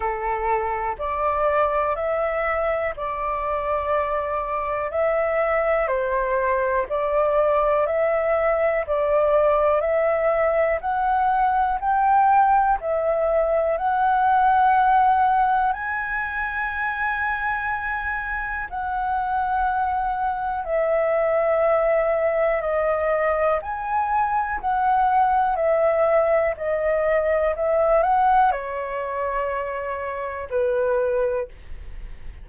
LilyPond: \new Staff \with { instrumentName = "flute" } { \time 4/4 \tempo 4 = 61 a'4 d''4 e''4 d''4~ | d''4 e''4 c''4 d''4 | e''4 d''4 e''4 fis''4 | g''4 e''4 fis''2 |
gis''2. fis''4~ | fis''4 e''2 dis''4 | gis''4 fis''4 e''4 dis''4 | e''8 fis''8 cis''2 b'4 | }